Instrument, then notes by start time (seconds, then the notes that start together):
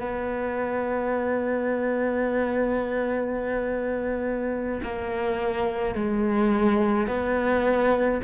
cello
0.00 B3
4.83 A#3
5.95 G#3
7.08 B3